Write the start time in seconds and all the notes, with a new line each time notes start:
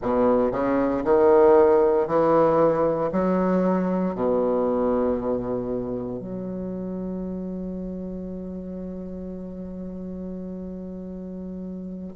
0.01 B2
0.51 C#3
1.04 D#3
2.07 E3
3.11 F#3
4.14 B2
6.19 F#3